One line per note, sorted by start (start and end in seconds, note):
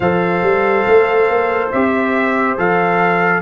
0.00 0.42 F3
0.00 1.73 A4
0.00 3.40 C5
0.00 1.69 F5
0.42 0.85 G3
0.87 1.29 A3
1.29 1.72 A#3
1.71 2.58 C4
1.71 2.57 G4
1.71 2.57 E5
2.57 3.41 F3
2.57 3.41 A4
2.57 3.41 F5